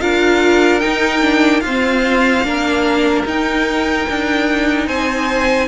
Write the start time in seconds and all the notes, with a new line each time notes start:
0.00 D4 F4 A#4 F5
0.80 D#4 G5
1.21 D4
1.60 F4 C5 F5
1.67 C4
2.43 A#3 D4 A#4
3.26 D#4 G5
4.09 D4
4.87 C4 C5 G#5